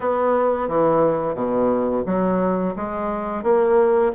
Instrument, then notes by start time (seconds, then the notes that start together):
bassoon
0.00 B3
0.68 E3
1.34 B2
2.05 F#3
2.76 G#3
3.43 A#3